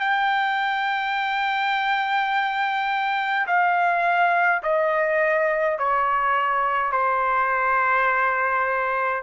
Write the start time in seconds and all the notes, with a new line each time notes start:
0.00 G5
3.47 F5
4.63 D#5
5.78 C#5
6.92 C5